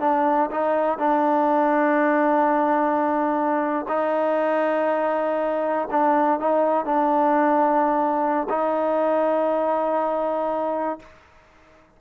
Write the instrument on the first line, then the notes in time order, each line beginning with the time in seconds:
trombone
0.00 D4
0.50 D#4
0.98 D4
3.88 D#4
5.91 D4
6.40 D#4
6.85 D4
8.49 D#4